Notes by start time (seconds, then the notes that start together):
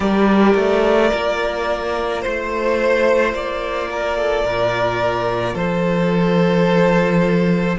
0.00 G3 G4 A#4 D5
0.55 A3
1.09 A#3 F4
2.22 A3 C5
3.33 A#3 D5
3.91 A#4
4.17 A4
4.44 A#2 A#4
5.54 F3 A4 C5